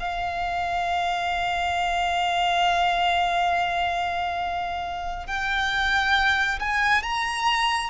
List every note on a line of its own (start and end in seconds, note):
0.00 5.27 F5
5.27 6.59 G5
6.60 7.03 G#5
7.03 7.90 A#5